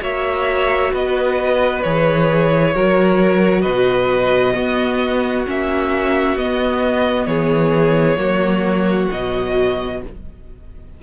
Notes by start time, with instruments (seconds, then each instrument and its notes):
0.00 cello A#3, viola F#4, violin C#5 E5
0.92 cello B3, violin B4 D#5
1.82 cello E3, viola G#4, violin C#5
2.75 cello F#3, viola F#4, violin A#4
3.62 cello B2, violin B4 D#5
4.54 viola B3, cello B3, violin F#4
5.46 cello A#3, viola C#4, violin E5
6.36 cello B3, viola B3, violin D#5
7.26 cello E3, violin G#4 C#5
8.17 cello F#3, viola A#3, violin F#4
9.11 cello B2, viola F#3, violin D#5